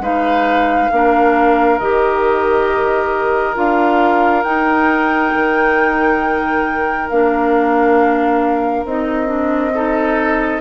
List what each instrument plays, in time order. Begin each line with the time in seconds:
0.00 bassoon G#3, clarinet D#4, oboe B4, flute F5
0.92 bassoon A#3, clarinet D4, oboe A#4
1.79 bassoon D#3, clarinet G4, flute D#5
3.55 bassoon D4, clarinet F4, flute F5
4.44 bassoon D#4, clarinet D#4, flute G5
5.35 bassoon D#3
7.10 bassoon A#3, clarinet D4, flute F5
8.85 bassoon C4, clarinet D#4, flute D#5
9.27 clarinet D4
9.74 clarinet D#4, oboe A4